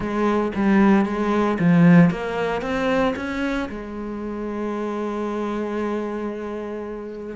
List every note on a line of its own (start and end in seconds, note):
0.00 0.51 G#3
0.55 1.05 G3
1.05 1.58 G#3
1.59 2.10 F3
2.10 2.61 A#3
2.61 3.14 C4
3.16 3.68 C#4
3.69 7.36 G#3